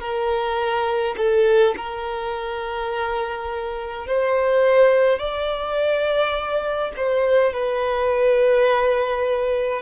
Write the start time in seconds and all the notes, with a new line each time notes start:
0.00 A#4
1.18 A4
1.77 A#4
4.07 C5
5.19 D5
6.97 C5
7.54 B4